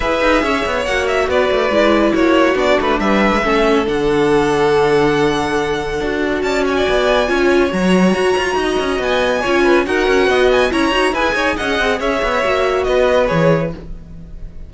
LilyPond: <<
  \new Staff \with { instrumentName = "violin" } { \time 4/4 \tempo 4 = 140 e''2 fis''8 e''8 d''4~ | d''4 cis''4 d''8 b'8 e''4~ | e''4 fis''2.~ | fis''2. a''8 gis''8~ |
gis''2 ais''2~ | ais''4 gis''2 fis''4~ | fis''8 gis''8 ais''4 gis''4 fis''4 | e''2 dis''4 cis''4 | }
  \new Staff \with { instrumentName = "violin" } { \time 4/4 b'4 cis''2 b'4~ | b'4 fis'2 b'4 | a'1~ | a'2. d''8 cis''16 d''16~ |
d''4 cis''2. | dis''2 cis''8 b'8 ais'4 | dis''4 cis''4 b'8 cis''8 dis''4 | cis''2 b'2 | }
  \new Staff \with { instrumentName = "viola" } { \time 4/4 gis'2 fis'2 | e'2 d'2 | cis'4 d'2.~ | d'2 fis'2~ |
fis'4 f'4 fis'2~ | fis'2 f'4 fis'4~ | fis'4 e'8 fis'8 gis'2~ | gis'4 fis'2 gis'4 | }
  \new Staff \with { instrumentName = "cello" } { \time 4/4 e'8 dis'8 cis'8 b8 ais4 b8 a8 | gis4 ais4 b8 a8 g8. gis16 | a4 d2.~ | d2 d'4 cis'4 |
b4 cis'4 fis4 fis'8 f'8 | dis'8 cis'8 b4 cis'4 dis'8 cis'8 | b4 cis'8 dis'8 e'8 dis'8 cis'8 c'8 | cis'8 b8 ais4 b4 e4 | }
>>